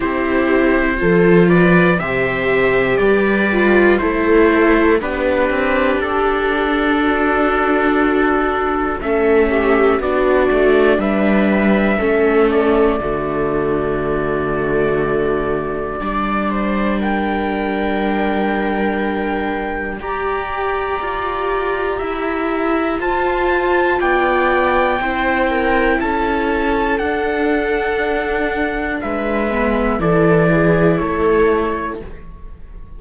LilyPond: <<
  \new Staff \with { instrumentName = "trumpet" } { \time 4/4 \tempo 4 = 60 c''4. d''8 e''4 d''4 | c''4 b'4 a'2~ | a'4 e''4 d''4 e''4~ | e''8 d''2.~ d''8~ |
d''4 g''2. | ais''2. a''4 | g''2 a''4 fis''4~ | fis''4 e''4 d''4 cis''4 | }
  \new Staff \with { instrumentName = "viola" } { \time 4/4 g'4 a'8 b'8 c''4 b'4 | a'4 g'2 fis'4~ | fis'4 a'8 g'8 fis'4 b'4 | a'4 fis'2. |
d''8 c''8 ais'2. | d''2 e''4 c''4 | d''4 c''8 ais'8 a'2~ | a'4 b'4 a'8 gis'8 a'4 | }
  \new Staff \with { instrumentName = "viola" } { \time 4/4 e'4 f'4 g'4. f'8 | e'4 d'2.~ | d'4 cis'4 d'2 | cis'4 a2. |
d'1 | g'2. f'4~ | f'4 e'2 d'4~ | d'4. b8 e'2 | }
  \new Staff \with { instrumentName = "cello" } { \time 4/4 c'4 f4 c4 g4 | a4 b8 c'8 d'2~ | d'4 a4 b8 a8 g4 | a4 d2. |
g1 | g'4 f'4 e'4 f'4 | b4 c'4 cis'4 d'4~ | d'4 gis4 e4 a4 | }
>>